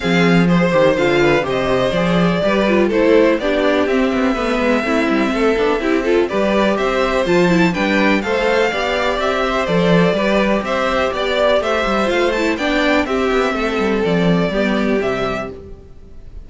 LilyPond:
<<
  \new Staff \with { instrumentName = "violin" } { \time 4/4 \tempo 4 = 124 f''4 c''4 f''4 dis''4 | d''2 c''4 d''4 | e''1~ | e''4 d''4 e''4 a''4 |
g''4 f''2 e''4 | d''2 e''4 d''4 | e''4 f''8 a''8 g''4 e''4~ | e''4 d''2 e''4 | }
  \new Staff \with { instrumentName = "violin" } { \time 4/4 gis'4 c''4. b'8 c''4~ | c''4 b'4 a'4 g'4~ | g'4 b'4 e'4 a'4 | g'8 a'8 b'4 c''2 |
b'4 c''4 d''4. c''8~ | c''4 b'4 c''4 d''4 | c''2 d''4 g'4 | a'2 g'2 | }
  \new Staff \with { instrumentName = "viola" } { \time 4/4 c'4 gis'8 g'8 f'4 g'4 | gis'4 g'8 f'8 e'4 d'4 | c'4 b4 c'4. d'8 | e'8 f'8 g'2 f'8 e'8 |
d'4 a'4 g'2 | a'4 g'2.~ | g'4 f'8 e'8 d'4 c'4~ | c'2 b4 g4 | }
  \new Staff \with { instrumentName = "cello" } { \time 4/4 f4. dis8 d4 c4 | f4 g4 a4 b4 | c'8 b8 a8 gis8 a8 g8 a8 b8 | c'4 g4 c'4 f4 |
g4 a4 b4 c'4 | f4 g4 c'4 b4 | a8 g8 a4 b4 c'8 b8 | a8 g8 f4 g4 c4 | }
>>